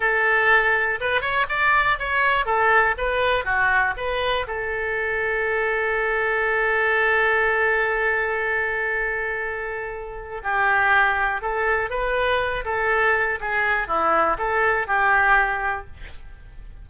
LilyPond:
\new Staff \with { instrumentName = "oboe" } { \time 4/4 \tempo 4 = 121 a'2 b'8 cis''8 d''4 | cis''4 a'4 b'4 fis'4 | b'4 a'2.~ | a'1~ |
a'1~ | a'4 g'2 a'4 | b'4. a'4. gis'4 | e'4 a'4 g'2 | }